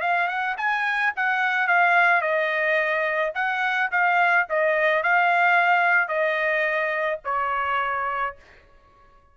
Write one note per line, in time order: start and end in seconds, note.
0.00 0.27 F5
0.27 0.55 F#5
0.57 1.13 G#5
1.16 1.67 F#5
1.67 2.21 F5
2.21 3.32 D#5
3.34 3.90 F#5
3.91 4.47 F5
4.49 5.03 D#5
5.03 6.08 F5
6.08 7.19 D#5
7.24 8.35 C#5